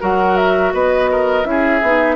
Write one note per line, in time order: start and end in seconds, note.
0.00 0.73 F#3
0.00 1.44 F#4
0.00 0.73 A#4
0.00 0.36 F#5
0.36 0.72 E5
0.73 1.45 B3
0.73 1.10 B4
0.73 1.45 D#5
1.11 1.47 A#4
1.44 1.81 C#4
1.44 1.80 E4
1.44 2.16 G#4
1.44 2.16 E5
1.82 2.16 B3
1.82 2.16 D#4